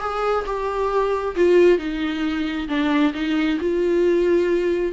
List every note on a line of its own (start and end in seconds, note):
0.00 0.45 G#4
0.46 1.35 G4
1.36 1.78 F4
1.78 2.67 D#4
2.68 3.13 D4
3.14 3.58 D#4
3.60 4.92 F4